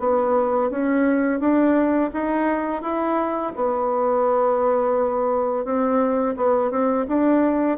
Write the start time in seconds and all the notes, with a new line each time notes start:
0.00 B3
0.70 C#4
1.40 D4
2.13 D#4
2.82 E4
3.56 B3
5.65 C4
6.37 B3
6.71 C4
7.08 D4